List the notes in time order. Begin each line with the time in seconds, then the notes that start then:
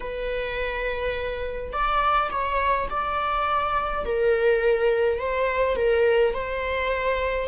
0.00 B4
1.72 D5
2.30 C#5
2.90 D5
4.05 A#4
5.19 C5
5.76 A#4
6.33 C5